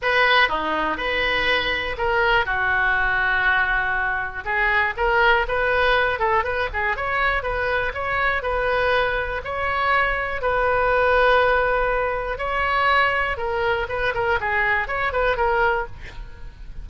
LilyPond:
\new Staff \with { instrumentName = "oboe" } { \time 4/4 \tempo 4 = 121 b'4 dis'4 b'2 | ais'4 fis'2.~ | fis'4 gis'4 ais'4 b'4~ | b'8 a'8 b'8 gis'8 cis''4 b'4 |
cis''4 b'2 cis''4~ | cis''4 b'2.~ | b'4 cis''2 ais'4 | b'8 ais'8 gis'4 cis''8 b'8 ais'4 | }